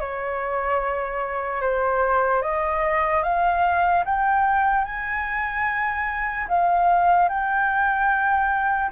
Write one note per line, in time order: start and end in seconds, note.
0.00 1.61 C#5
1.61 2.42 C5
2.42 3.23 D#5
3.23 4.04 F5
4.05 4.85 G5
4.85 6.47 G#5
6.48 7.29 F5
7.29 8.91 G5